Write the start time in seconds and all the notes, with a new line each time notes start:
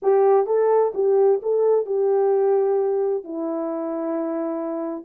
0.02 G4
0.46 A4
0.94 G4
1.42 A4
1.86 G4
3.24 E4